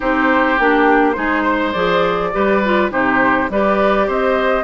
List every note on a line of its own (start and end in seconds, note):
0.00 0.59 C4
0.00 0.58 D#4
0.00 1.16 G4
0.00 0.58 C5
0.58 1.17 A#3
0.58 1.14 D4
0.58 1.12 G4
1.12 1.74 G#3
1.12 1.72 D#4
1.12 1.42 G#4
1.12 1.70 C5
1.42 2.30 C5
1.71 2.32 F3
1.71 2.32 G#4
1.71 2.88 D5
2.32 2.91 G3
2.32 2.61 G4
2.32 2.91 B4
2.64 2.90 F4
2.90 3.49 C3
2.90 3.48 D#4
2.90 3.50 G4
2.90 3.50 C5
3.49 4.08 G3
3.49 4.63 G4
3.49 4.07 B4
3.49 4.10 D5
4.07 4.63 C4
4.07 4.63 C5
4.07 4.63 D#5